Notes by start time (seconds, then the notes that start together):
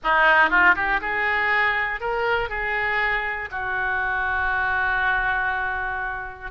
0.03 D#4
0.50 F4
0.75 G4
1.01 G#4
2.00 A#4
2.49 G#4
3.51 F#4